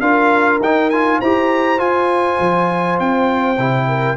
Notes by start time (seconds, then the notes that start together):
0.00 D4 F4 A#4 F5
0.60 D#4 G5
0.90 F4 G#5
1.19 E4 G4 C5 A#5
1.77 F4 G#5
2.39 F3
2.99 C4 G5
3.58 C3 E4
3.88 A#4